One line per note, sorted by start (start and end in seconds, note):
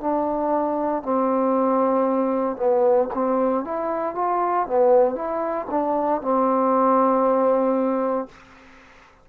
0.00 1.03 D4
1.03 2.56 C4
2.56 3.08 B3
3.14 3.64 C4
3.64 4.15 E4
4.15 4.66 F4
4.66 5.15 B3
5.15 5.67 E4
5.70 6.21 D4
6.21 8.28 C4